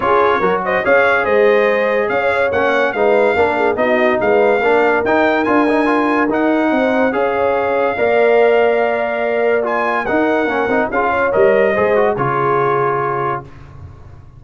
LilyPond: <<
  \new Staff \with { instrumentName = "trumpet" } { \time 4/4 \tempo 4 = 143 cis''4. dis''8 f''4 dis''4~ | dis''4 f''4 fis''4 f''4~ | f''4 dis''4 f''2 | g''4 gis''2 fis''4~ |
fis''4 f''2.~ | f''2. gis''4 | fis''2 f''4 dis''4~ | dis''4 cis''2. | }
  \new Staff \with { instrumentName = "horn" } { \time 4/4 gis'4 ais'8 c''8 cis''4 c''4~ | c''4 cis''2 b'4 | ais'8 gis'8 fis'4 b'4 ais'4~ | ais'1 |
c''4 cis''2 d''4~ | d''1 | ais'2 gis'8 cis''4. | c''4 gis'2. | }
  \new Staff \with { instrumentName = "trombone" } { \time 4/4 f'4 fis'4 gis'2~ | gis'2 cis'4 dis'4 | d'4 dis'2 d'4 | dis'4 f'8 dis'8 f'4 dis'4~ |
dis'4 gis'2 ais'4~ | ais'2. f'4 | dis'4 cis'8 dis'8 f'4 ais'4 | gis'8 fis'8 f'2. | }
  \new Staff \with { instrumentName = "tuba" } { \time 4/4 cis'4 fis4 cis'4 gis4~ | gis4 cis'4 ais4 gis4 | ais4 b4 gis4 ais4 | dis'4 d'2 dis'4 |
c'4 cis'2 ais4~ | ais1 | dis'4 ais8 c'8 cis'4 g4 | gis4 cis2. | }
>>